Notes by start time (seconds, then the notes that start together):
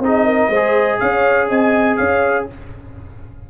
0.00 C4 D#4 G#4 D#5
0.26 A#4
0.49 G#3 C5
0.56 G#4
1.00 C#4 C#5 F5
1.49 C4 D#5 G#5
1.97 C#4 C#5 F5